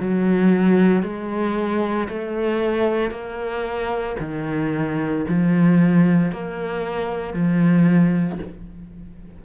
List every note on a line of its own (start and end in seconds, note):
0.00 1.03 F#3
1.03 2.08 G#3
2.09 3.11 A3
3.11 4.16 A#3
4.20 5.25 D#3
5.29 6.32 F3
6.32 7.34 A#3
7.34 8.39 F3